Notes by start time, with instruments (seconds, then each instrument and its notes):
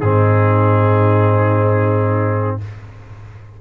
0.00 tuba G#2, trombone C4, horn D#4, trumpet G#4